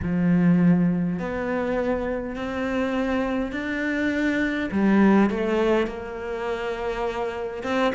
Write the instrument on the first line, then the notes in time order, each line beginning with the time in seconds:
cello
0.02 F3
1.19 B3
2.35 C4
3.51 D4
4.71 G3
5.29 A3
5.87 A#3
7.63 C4